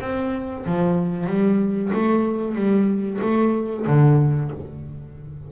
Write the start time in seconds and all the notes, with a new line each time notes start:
0.00 C4
0.65 F3
1.26 G3
1.93 A3
2.55 G3
3.21 A3
3.87 D3